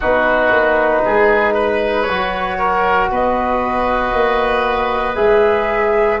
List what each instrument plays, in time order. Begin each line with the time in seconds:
0.00 tuba B3, trombone D#4, oboe F#4, flute B4
0.51 tuba A#3
1.05 tuba G#3, oboe G#4
1.53 oboe B4
2.02 tuba F#3, flute C#5
2.09 trombone F#4
2.58 oboe A#4
3.11 tuba B3, oboe B4, flute D#5
4.13 tuba A#3
5.15 tuba G#3, trombone G#4, flute E5